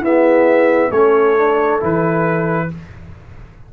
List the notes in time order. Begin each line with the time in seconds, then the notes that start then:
0.00 B3 E4 G#4 E5
0.90 A3 C#4 A4 C#5
1.37 D4
1.80 E3 E4 B4